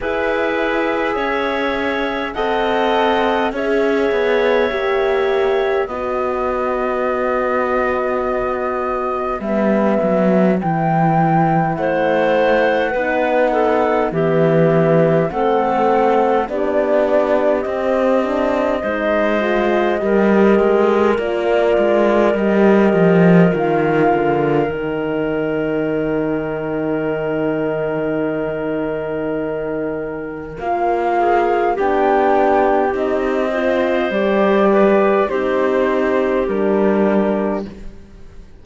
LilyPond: <<
  \new Staff \with { instrumentName = "flute" } { \time 4/4 \tempo 4 = 51 e''2 fis''4 e''4~ | e''4 dis''2. | e''4 g''4 fis''2 | e''4 fis''4 d''4 dis''4~ |
dis''2 d''4 dis''4 | f''4 g''2.~ | g''2 f''4 g''4 | dis''4 d''4 c''4 ais'4 | }
  \new Staff \with { instrumentName = "clarinet" } { \time 4/4 b'4 cis''4 dis''4 cis''4~ | cis''4 b'2.~ | b'2 c''4 b'8 a'8 | g'4 a'4 g'2 |
c''4 ais'2.~ | ais'1~ | ais'2~ ais'8 gis'8 g'4~ | g'8 c''4 b'8 g'2 | }
  \new Staff \with { instrumentName = "horn" } { \time 4/4 gis'2 a'4 gis'4 | g'4 fis'2. | b4 e'2 dis'4 | b4 c'4 d'4 c'8 d'8 |
dis'8 f'8 g'4 f'4 g'4 | f'4 dis'2.~ | dis'2 f'4 d'4 | dis'8 f'8 g'4 dis'4 d'4 | }
  \new Staff \with { instrumentName = "cello" } { \time 4/4 e'4 cis'4 c'4 cis'8 b8 | ais4 b2. | g8 fis8 e4 a4 b4 | e4 a4 b4 c'4 |
gis4 g8 gis8 ais8 gis8 g8 f8 | dis8 d8 dis2.~ | dis2 ais4 b4 | c'4 g4 c'4 g4 | }
>>